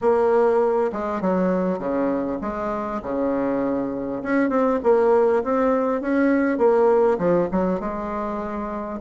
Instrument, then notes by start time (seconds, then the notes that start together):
bassoon
0.01 A#3
0.92 G#3
1.21 F#3
1.78 C#3
2.41 G#3
3.02 C#3
4.22 C#4
4.49 C4
4.83 A#3
5.43 C4
6.01 C#4
6.58 A#3
7.18 F3
7.51 F#3
7.80 G#3